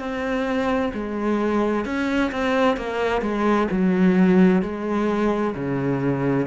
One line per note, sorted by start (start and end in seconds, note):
0.00 0.92 C4
0.94 1.85 G#3
1.85 2.31 C#4
2.32 2.77 C4
2.77 3.22 A#3
3.22 3.68 G#3
3.71 4.62 F#3
4.62 5.55 G#3
5.55 6.47 C#3